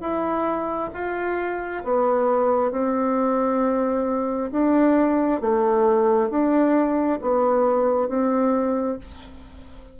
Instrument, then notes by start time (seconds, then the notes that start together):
bassoon
0.00 E4
0.93 F4
1.84 B3
2.71 C4
4.51 D4
5.41 A3
6.29 D4
7.21 B3
8.08 C4